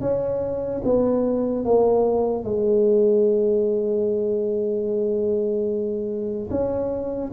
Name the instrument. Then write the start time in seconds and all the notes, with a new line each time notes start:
tuba
0.00 C#4
0.84 B3
1.64 A#3
2.44 G#3
6.50 C#4